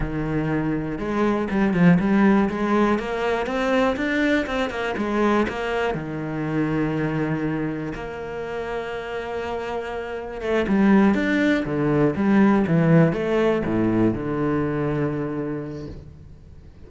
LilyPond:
\new Staff \with { instrumentName = "cello" } { \time 4/4 \tempo 4 = 121 dis2 gis4 g8 f8 | g4 gis4 ais4 c'4 | d'4 c'8 ais8 gis4 ais4 | dis1 |
ais1~ | ais4 a8 g4 d'4 d8~ | d8 g4 e4 a4 a,8~ | a,8 d2.~ d8 | }